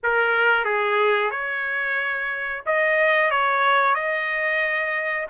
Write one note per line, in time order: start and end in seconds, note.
0.03 0.64 A#4
0.64 1.30 G#4
1.30 2.62 C#5
2.66 3.31 D#5
3.31 3.94 C#5
3.94 5.26 D#5